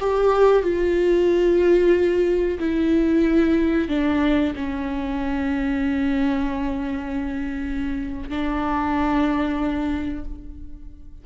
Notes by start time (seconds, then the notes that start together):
0.00 G4
0.63 F4
2.59 E4
3.88 D4
4.56 C#4
8.29 D4